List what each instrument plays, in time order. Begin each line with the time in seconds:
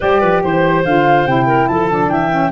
0.00 tuba G3, saxophone G4, clarinet C5, flute D5
0.20 tuba F3, clarinet B4
0.43 tuba E3, clarinet C5, flute C5
0.84 tuba D3, saxophone F4, flute F5
1.26 tuba C3, saxophone E4, flute G5
1.46 clarinet A#4
1.68 tuba F3, clarinet A4, flute A5
1.90 saxophone D4
2.08 tuba E3, clarinet E5, flute G5
2.31 saxophone C#4